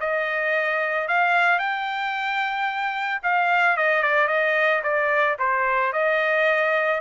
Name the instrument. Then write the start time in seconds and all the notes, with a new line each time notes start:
trumpet
0.00 D#5
1.08 F5
1.59 G5
3.23 F5
3.77 D#5
4.02 D5
4.28 D#5
4.83 D5
5.39 C5
5.93 D#5